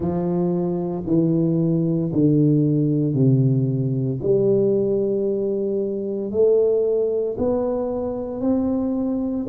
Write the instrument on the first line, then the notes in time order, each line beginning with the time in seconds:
tuba
0.00 F3
1.06 E3
2.12 D3
3.14 C3
4.22 G3
6.31 A3
7.38 B3
8.41 C4